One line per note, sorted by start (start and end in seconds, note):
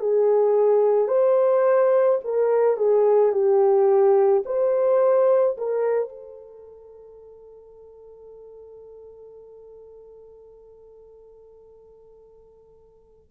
0.00 1.08 G#4
1.08 2.19 C5
2.24 2.77 A#4
2.77 3.32 G#4
3.32 4.43 G4
4.45 5.57 C5
5.57 6.09 A#4
6.09 13.31 A4